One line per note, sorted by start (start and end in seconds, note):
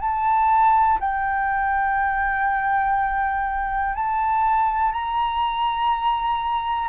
0.00 0.98 A5
1.00 3.95 G5
3.95 4.92 A5
4.92 6.89 A#5